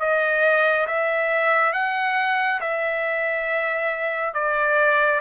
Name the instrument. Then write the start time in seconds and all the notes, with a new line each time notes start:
trumpet
0.00 D#5
0.87 E5
1.74 F#5
2.61 E5
4.34 D5